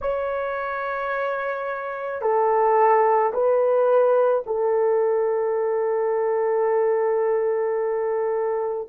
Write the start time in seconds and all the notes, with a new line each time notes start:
0.01 C#5
2.21 A4
3.33 B4
4.46 A4